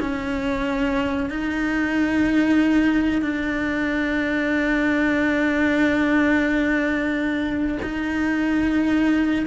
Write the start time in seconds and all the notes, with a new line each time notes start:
0.00 C#4
1.30 D#4
3.22 D4
7.83 D#4